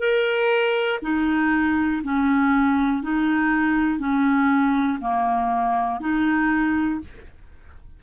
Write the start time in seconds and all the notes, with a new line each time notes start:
0.00 A#4
1.02 D#4
2.04 C#4
3.03 D#4
4.00 C#4
5.01 A#3
6.00 D#4